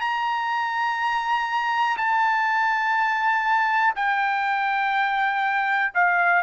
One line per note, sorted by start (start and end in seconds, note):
0.00 1.97 A#5
1.97 3.94 A5
3.96 5.92 G5
5.94 6.42 F5